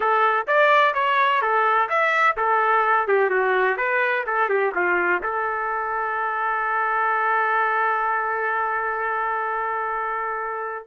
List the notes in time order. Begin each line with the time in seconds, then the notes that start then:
0.00 A4
0.47 D5
0.94 C#5
1.41 A4
1.89 E5
2.36 A4
3.07 G4
3.29 F#4
3.77 B4
4.26 A4
4.49 G4
4.75 F4
5.22 A4